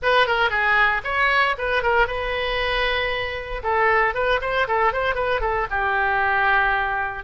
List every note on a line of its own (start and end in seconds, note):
0.02 0.26 B4
0.26 0.49 A#4
0.49 1.01 G#4
1.04 1.55 C#5
1.58 1.82 B4
1.82 2.07 A#4
2.07 3.62 B4
3.63 4.14 A4
4.14 4.40 B4
4.41 4.67 C5
4.67 4.93 A4
4.93 5.14 C5
5.14 5.40 B4
5.41 5.66 A4
5.70 7.23 G4